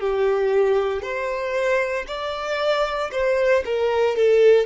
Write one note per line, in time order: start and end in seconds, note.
0.00 1.02 G4
1.02 2.05 C5
2.07 3.10 D5
3.11 3.63 C5
3.65 4.16 A#4
4.16 4.66 A4